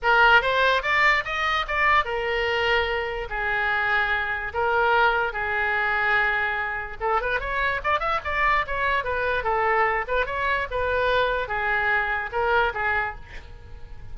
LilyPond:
\new Staff \with { instrumentName = "oboe" } { \time 4/4 \tempo 4 = 146 ais'4 c''4 d''4 dis''4 | d''4 ais'2. | gis'2. ais'4~ | ais'4 gis'2.~ |
gis'4 a'8 b'8 cis''4 d''8 e''8 | d''4 cis''4 b'4 a'4~ | a'8 b'8 cis''4 b'2 | gis'2 ais'4 gis'4 | }